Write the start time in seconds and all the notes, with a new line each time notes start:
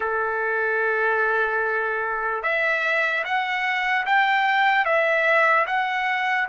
0.00 A4
2.43 E5
3.24 F#5
4.05 G5
4.85 E5
5.66 F#5